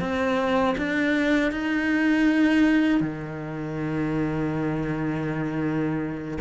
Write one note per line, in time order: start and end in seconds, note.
0.00 0.75 C4
0.78 1.52 D4
1.52 3.00 D#4
3.00 6.38 D#3